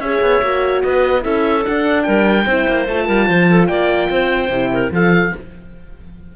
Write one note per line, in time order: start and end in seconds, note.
0.00 0.20 C#4
0.00 0.43 G#4
0.00 0.85 C#5
0.00 0.82 E5
0.22 0.42 B3
0.42 0.83 A#3
0.42 1.21 F#4
0.83 1.25 B3
0.83 1.23 B4
0.83 1.24 D#5
1.21 1.66 C#4
1.21 1.62 E4
1.21 2.05 A4
1.21 1.64 E5
1.63 2.45 D4
1.63 2.08 D4
1.63 2.03 F#5
2.03 2.46 G3
2.03 2.47 A#4
2.03 2.85 G5
2.46 2.67 C4
2.46 2.89 E4
2.46 3.06 C5
2.68 2.88 A#3
2.88 3.09 A3
2.88 4.51 F4
2.88 3.68 A5
3.06 3.29 G3
3.06 3.27 A#4
3.27 3.69 F3
3.27 3.48 C5
3.50 3.69 A4
3.68 4.09 A#3
3.68 4.10 D5
3.68 4.90 G5
4.10 4.49 C4
4.10 4.72 C5
4.49 4.90 C3
4.49 4.92 E4
4.73 4.93 A#4
4.92 5.32 F3
4.92 5.33 F4
4.92 5.34 A4
4.92 5.36 F5